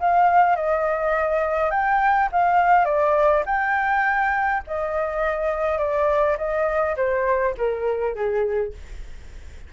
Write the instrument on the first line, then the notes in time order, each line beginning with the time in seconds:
flute
0.00 F5
0.56 D#5
1.71 G5
2.32 F5
2.85 D5
3.46 G5
4.67 D#5
5.79 D5
6.38 D#5
6.97 C5
7.58 A#4
8.15 G#4